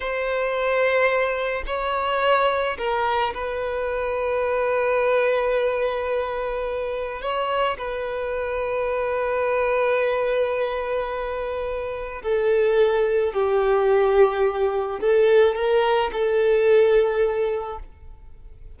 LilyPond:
\new Staff \with { instrumentName = "violin" } { \time 4/4 \tempo 4 = 108 c''2. cis''4~ | cis''4 ais'4 b'2~ | b'1~ | b'4 cis''4 b'2~ |
b'1~ | b'2 a'2 | g'2. a'4 | ais'4 a'2. | }